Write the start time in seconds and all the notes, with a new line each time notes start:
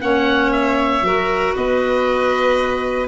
0.00 A#3 C#4 C#5 F#5
0.52 E5
1.01 F#3 F#4 A#4
1.55 B3 B4 D#5